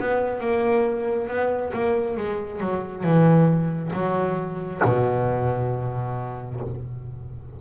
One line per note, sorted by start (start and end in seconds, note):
0.00 0.41 B3
0.41 1.29 A#3
1.29 1.73 B3
1.73 2.17 A#3
2.17 2.61 G#3
2.61 3.04 F#3
3.04 3.92 E3
3.93 4.82 F#3
4.84 6.61 B2